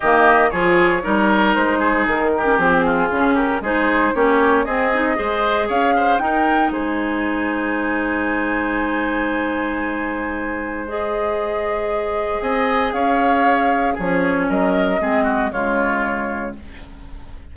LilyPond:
<<
  \new Staff \with { instrumentName = "flute" } { \time 4/4 \tempo 4 = 116 dis''4 cis''2 c''4 | ais'4 gis'4. ais'8 c''4 | cis''4 dis''2 f''4 | g''4 gis''2.~ |
gis''1~ | gis''4 dis''2. | gis''4 f''2 cis''4 | dis''2 cis''2 | }
  \new Staff \with { instrumentName = "oboe" } { \time 4/4 g'4 gis'4 ais'4. gis'8~ | gis'8 g'4 f'4 g'8 gis'4 | g'4 gis'4 c''4 cis''8 c''8 | ais'4 c''2.~ |
c''1~ | c''1 | dis''4 cis''2 gis'4 | ais'4 gis'8 fis'8 f'2 | }
  \new Staff \with { instrumentName = "clarinet" } { \time 4/4 ais4 f'4 dis'2~ | dis'8. cis'16 c'4 cis'4 dis'4 | cis'4 c'8 dis'8 gis'2 | dis'1~ |
dis'1~ | dis'4 gis'2.~ | gis'2. cis'4~ | cis'4 c'4 gis2 | }
  \new Staff \with { instrumentName = "bassoon" } { \time 4/4 dis4 f4 g4 gis4 | dis4 f4 cis4 gis4 | ais4 c'4 gis4 cis'4 | dis'4 gis2.~ |
gis1~ | gis1 | c'4 cis'2 f4 | fis4 gis4 cis2 | }
>>